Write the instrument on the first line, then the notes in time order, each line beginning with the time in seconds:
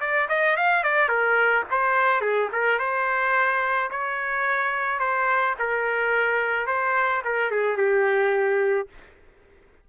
trumpet
0.00 D5
0.28 D#5
0.56 F5
0.83 D5
1.08 A#4
1.70 C5
2.21 G#4
2.52 A#4
2.79 C5
3.90 C#5
4.99 C5
5.59 A#4
6.66 C5
7.24 A#4
7.51 G#4
7.77 G4